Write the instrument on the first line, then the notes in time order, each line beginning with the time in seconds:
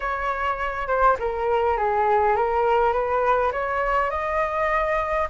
flute
0.00 C#5
0.87 C5
1.19 A#4
1.77 G#4
2.36 A#4
2.92 B4
3.52 C#5
4.10 D#5